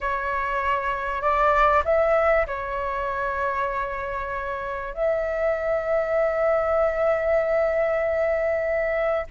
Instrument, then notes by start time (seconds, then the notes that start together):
flute
0.00 C#5
1.21 D5
1.84 E5
2.47 C#5
4.93 E5